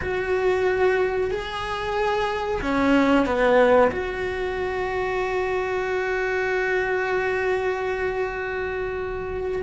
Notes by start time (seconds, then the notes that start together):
0.01 F#4
1.30 G#4
2.61 C#4
3.25 B3
3.91 F#4